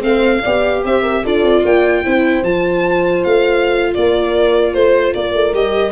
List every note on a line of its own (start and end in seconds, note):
0.00 0.43 A3
0.00 0.40 C4
0.00 0.83 F5
0.06 0.42 C5
0.42 0.84 B3
0.42 1.25 G4
0.42 0.82 D5
0.84 1.24 C4
0.84 1.03 C5
0.84 1.26 E5
1.03 1.23 A#4
1.24 1.43 D4
1.24 2.04 F4
1.24 1.64 A4
1.24 1.66 D5
1.43 1.63 C4
1.64 2.05 A#3
1.64 2.04 D5
1.64 2.44 G5
2.04 2.42 C4
2.04 2.44 E4
2.04 3.95 C5
2.42 3.22 F3
2.42 5.53 F4
2.42 3.24 A5
3.24 3.95 A3
3.24 3.94 F5
3.94 4.74 A#3
3.94 4.74 A#4
3.94 4.74 D5
4.74 5.14 A3
4.74 5.14 C5
5.14 5.34 A#3
5.14 5.92 A#4
5.14 5.54 D5
5.34 5.53 A3
5.53 5.92 G3
5.53 5.92 G4
5.53 5.92 D#5